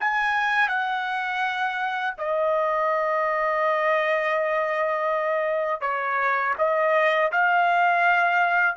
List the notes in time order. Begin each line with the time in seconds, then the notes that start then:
0.00 G#5
0.68 F#5
2.17 D#5
5.81 C#5
6.58 D#5
7.31 F5